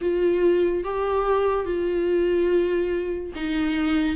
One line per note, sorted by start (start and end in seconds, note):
0.01 0.84 F4
0.84 1.65 G4
1.65 3.32 F4
3.35 4.16 D#4